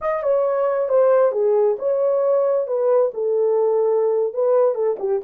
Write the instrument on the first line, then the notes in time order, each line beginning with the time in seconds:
horn
0.01 D#5
0.22 C#5
0.88 C5
1.32 G#4
1.78 C#5
2.67 B4
3.14 A4
4.33 B4
4.74 A4
4.99 G4